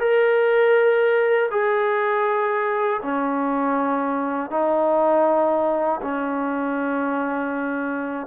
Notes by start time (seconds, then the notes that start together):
0.00 A#4
1.51 G#4
3.02 C#4
4.51 D#4
6.02 C#4